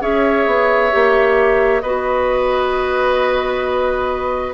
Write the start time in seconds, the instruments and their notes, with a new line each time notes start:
0.00 bassoon C#4, clarinet G#4, oboe C#5, flute E5
0.46 bassoon B3
0.91 bassoon A#3, clarinet G4
1.80 bassoon B3, clarinet F#4, oboe B4, flute D#5